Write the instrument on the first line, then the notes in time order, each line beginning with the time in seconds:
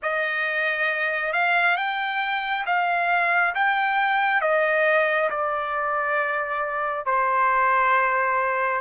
trumpet
0.02 D#5
1.32 F5
1.76 G5
2.66 F5
3.54 G5
4.41 D#5
5.29 D5
7.05 C5